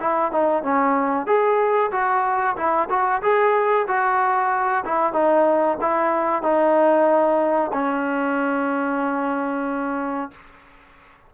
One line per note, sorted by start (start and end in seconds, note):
0.00 0.32 E4
0.32 0.63 D#4
0.63 1.26 C#4
1.26 1.91 G#4
1.91 2.56 F#4
2.56 2.89 E4
2.89 3.22 F#4
3.22 3.87 G#4
3.87 4.84 F#4
4.85 5.13 E4
5.13 5.77 D#4
5.81 6.42 E4
6.42 7.71 D#4
7.73 10.31 C#4